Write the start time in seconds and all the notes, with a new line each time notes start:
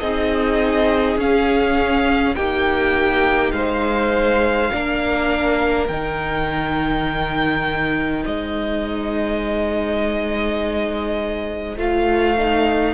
0.00 C4 D#4 G#4 D#5
1.18 C#4 F5
2.36 A#3 D#4 G4 G5
3.52 G#3 C5 F5
4.71 A#3 D4 A#4
5.88 D#3 D#4 G5
8.25 G#3 C5 D#5
11.78 A3 F4 F5
12.38 D#4